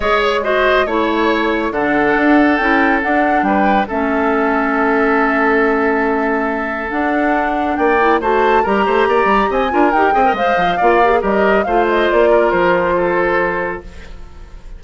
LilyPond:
<<
  \new Staff \with { instrumentName = "flute" } { \time 4/4 \tempo 4 = 139 dis''8 cis''8 dis''4 cis''2 | fis''2 g''4 fis''4 | g''4 e''2.~ | e''1 |
fis''2 g''4 a''4 | ais''2 gis''4 g''4 | f''2 dis''4 f''8 dis''8 | d''4 c''2. | }
  \new Staff \with { instrumentName = "oboe" } { \time 4/4 cis''4 c''4 cis''2 | a'1 | b'4 a'2.~ | a'1~ |
a'2 d''4 c''4 | ais'8 c''8 d''4 dis''8 ais'4 dis''8~ | dis''4 d''4 ais'4 c''4~ | c''8 ais'4. a'2 | }
  \new Staff \with { instrumentName = "clarinet" } { \time 4/4 gis'4 fis'4 e'2 | d'2 e'4 d'4~ | d'4 cis'2.~ | cis'1 |
d'2~ d'8 e'8 fis'4 | g'2~ g'8 f'8 g'8 gis'16 ais'16 | c''4 f'8 g'16 gis'16 g'4 f'4~ | f'1 | }
  \new Staff \with { instrumentName = "bassoon" } { \time 4/4 gis2 a2 | d4 d'4 cis'4 d'4 | g4 a2.~ | a1 |
d'2 ais4 a4 | g8 a8 ais8 g8 c'8 d'8 dis'8 c'8 | gis8 f8 ais4 g4 a4 | ais4 f2. | }
>>